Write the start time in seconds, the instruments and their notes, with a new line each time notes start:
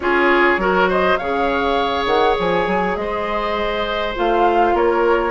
0.00 bassoon C#4, clarinet F4, oboe G#4, flute C#5
0.57 bassoon F#3, clarinet F#4, oboe A#4
0.89 oboe C5, flute D#5
1.16 bassoon C#3, clarinet G#4, oboe C#5, flute F5
2.05 bassoon D#3, flute F#5
2.39 bassoon F3, flute G#5
2.66 bassoon F#3
2.95 bassoon G#3, oboe C5, flute D#5
4.16 bassoon A3, clarinet F4, flute F5
4.73 bassoon A#3, oboe A#4, flute C#5